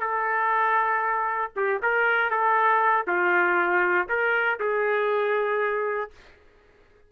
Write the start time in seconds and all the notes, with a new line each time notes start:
0.00 A4
1.56 G4
1.82 A#4
2.30 A4
3.07 F4
4.09 A#4
4.60 G#4